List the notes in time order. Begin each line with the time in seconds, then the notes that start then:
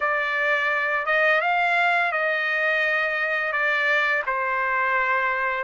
0.00 D5
1.06 D#5
1.41 F5
2.12 D#5
3.52 D5
4.26 C5